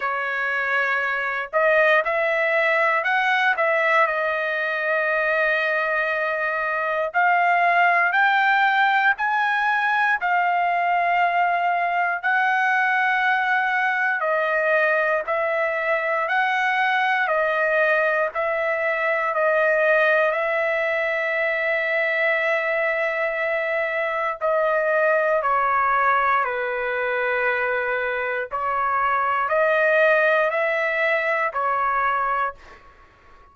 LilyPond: \new Staff \with { instrumentName = "trumpet" } { \time 4/4 \tempo 4 = 59 cis''4. dis''8 e''4 fis''8 e''8 | dis''2. f''4 | g''4 gis''4 f''2 | fis''2 dis''4 e''4 |
fis''4 dis''4 e''4 dis''4 | e''1 | dis''4 cis''4 b'2 | cis''4 dis''4 e''4 cis''4 | }